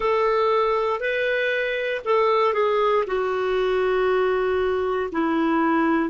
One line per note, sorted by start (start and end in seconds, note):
0.00 0.99 A4
0.99 2.01 B4
2.04 2.53 A4
2.53 3.04 G#4
3.06 5.10 F#4
5.12 6.09 E4